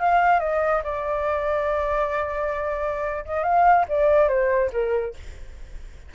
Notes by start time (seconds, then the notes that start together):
0.00 F5
0.40 D#5
0.84 D5
3.25 D#5
3.43 F5
3.89 D5
4.29 C5
4.73 A#4